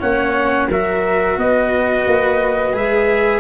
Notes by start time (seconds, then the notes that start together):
0.00 A#3 C#4 C#5 F#5
0.70 F#3 F#4 A#4 E5
1.37 B3 B4 D#5
2.07 A#3
2.74 G#3 G#4 E5